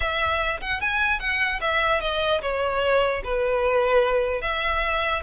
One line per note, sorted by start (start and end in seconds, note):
0.00 0.60 E5
0.61 0.80 F#5
0.80 1.19 G#5
1.19 1.59 F#5
1.61 2.00 E5
2.00 2.41 D#5
2.41 3.22 C#5
3.24 4.41 B4
4.41 5.22 E5